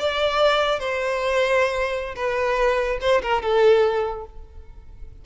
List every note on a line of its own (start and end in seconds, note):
0.00 0.80 D5
0.80 2.16 C5
2.16 2.99 B4
3.02 3.22 C5
3.23 3.43 A#4
3.43 4.26 A4